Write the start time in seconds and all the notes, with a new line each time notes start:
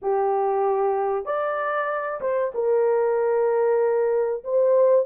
0.01 G4
1.25 D5
2.20 C5
2.54 A#4
4.44 C5